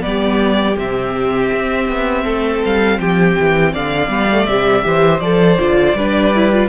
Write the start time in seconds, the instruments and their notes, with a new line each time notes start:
0.00 cello G3, viola B3, violin G4 D5
0.77 cello C3, viola C4, violin E5
1.53 cello C4
1.88 cello B3
2.24 cello A3, violin A4
2.65 cello G3, violin F5
2.99 cello F3, violin G4 G5
3.40 cello E3
3.73 cello D3, violin D5 F5
4.08 cello G3, viola B3
4.31 viola A3
4.46 cello C3, viola G3, violin E5
4.82 cello E3, viola G4, violin C5
5.20 cello F3, viola A4, violin D5
5.58 cello D3, viola F4
5.94 cello G3, viola D4, violin B4
6.34 viola E4
6.52 viola F4